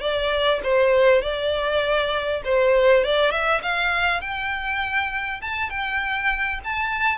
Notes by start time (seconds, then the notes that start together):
0.00 D5
0.63 C5
1.22 D5
2.44 C5
3.04 D5
3.31 E5
3.62 F5
4.21 G5
5.41 A5
5.70 G5
6.64 A5